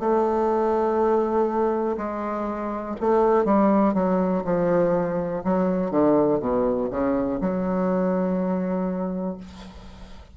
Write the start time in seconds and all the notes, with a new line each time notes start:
0.00 A3
1.98 G#3
3.01 A3
3.45 G3
3.94 F#3
4.45 F3
5.45 F#3
5.91 D3
6.40 B2
6.91 C#3
7.41 F#3